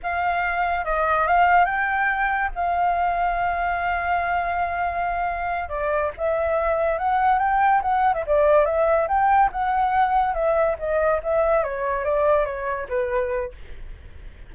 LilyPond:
\new Staff \with { instrumentName = "flute" } { \time 4/4 \tempo 4 = 142 f''2 dis''4 f''4 | g''2 f''2~ | f''1~ | f''4. d''4 e''4.~ |
e''8 fis''4 g''4 fis''8. e''16 d''8~ | d''8 e''4 g''4 fis''4.~ | fis''8 e''4 dis''4 e''4 cis''8~ | cis''8 d''4 cis''4 b'4. | }